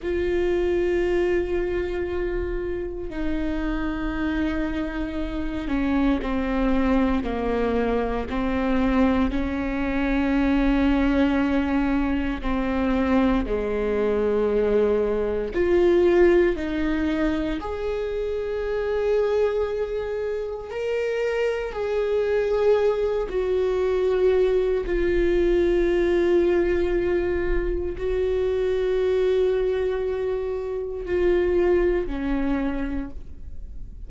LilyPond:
\new Staff \with { instrumentName = "viola" } { \time 4/4 \tempo 4 = 58 f'2. dis'4~ | dis'4. cis'8 c'4 ais4 | c'4 cis'2. | c'4 gis2 f'4 |
dis'4 gis'2. | ais'4 gis'4. fis'4. | f'2. fis'4~ | fis'2 f'4 cis'4 | }